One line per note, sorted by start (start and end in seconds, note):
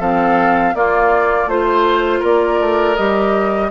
0.00 0.74 F3
0.00 0.75 C4
0.00 0.74 A4
0.00 0.76 F5
0.75 1.49 A#3
0.75 1.47 A#3
0.75 1.50 F4
0.75 1.49 D5
1.47 2.21 A3
1.47 2.97 F4
1.47 2.23 C5
1.47 2.20 C5
2.20 2.60 A#3
2.20 3.68 A#4
2.20 2.97 D5
2.60 2.98 A3
2.97 3.71 G3
2.97 3.71 G4
2.97 3.71 D#5